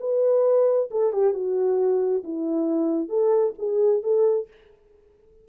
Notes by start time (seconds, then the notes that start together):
0.00 B4
0.91 A4
1.13 G4
1.34 F#4
2.24 E4
3.09 A4
3.58 G#4
4.03 A4